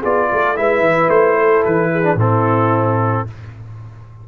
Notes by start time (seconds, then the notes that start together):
0.00 B3 F4 G#4 D5
0.33 A3 A4
0.56 G#3 E4 B4 E5
0.80 E3
1.08 A3 C5
1.38 A4
1.65 E3 B4
1.92 G#4
2.03 D4
2.15 A2 C4 E4 A4